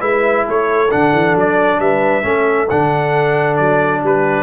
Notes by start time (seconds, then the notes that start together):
0.00 G#3 E4 B4 E5
0.46 A3 A4 C#5
0.91 D3 D4 F#5
1.13 E3
1.35 F#3 D5
1.79 G3 B4 E5
2.23 A3 C#4 A4
2.70 D3 D4 F#5
3.56 F#3 D5
4.03 G3 G4 B4